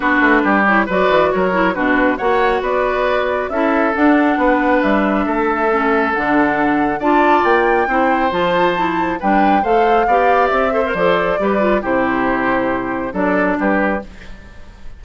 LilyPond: <<
  \new Staff \with { instrumentName = "flute" } { \time 4/4 \tempo 4 = 137 b'4. cis''8 d''4 cis''4 | b'4 fis''4 d''2 | e''4 fis''2 e''4~ | e''2 fis''2 |
a''4 g''2 a''4~ | a''4 g''4 f''2 | e''4 d''2 c''4~ | c''2 d''4 b'4 | }
  \new Staff \with { instrumentName = "oboe" } { \time 4/4 fis'4 g'4 b'4 ais'4 | fis'4 cis''4 b'2 | a'2 b'2 | a'1 |
d''2 c''2~ | c''4 b'4 c''4 d''4~ | d''8 c''4. b'4 g'4~ | g'2 a'4 g'4 | }
  \new Staff \with { instrumentName = "clarinet" } { \time 4/4 d'4. e'8 fis'4. e'8 | d'4 fis'2. | e'4 d'2.~ | d'4 cis'4 d'2 |
f'2 e'4 f'4 | e'4 d'4 a'4 g'4~ | g'8 a'16 ais'16 a'4 g'8 f'8 e'4~ | e'2 d'2 | }
  \new Staff \with { instrumentName = "bassoon" } { \time 4/4 b8 a8 g4 fis8 e8 fis4 | b,4 ais4 b2 | cis'4 d'4 b4 g4 | a2 d2 |
d'4 ais4 c'4 f4~ | f4 g4 a4 b4 | c'4 f4 g4 c4~ | c2 fis4 g4 | }
>>